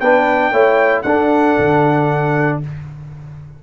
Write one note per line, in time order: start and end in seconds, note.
0.00 0.51 B3
0.00 0.53 D4
0.00 0.52 B4
0.00 1.02 G5
0.51 1.03 A3
0.51 1.05 E4
0.51 1.04 C#5
1.02 1.56 D4
1.02 2.63 D4
1.02 2.60 A4
1.02 2.59 F#5
1.58 2.63 D3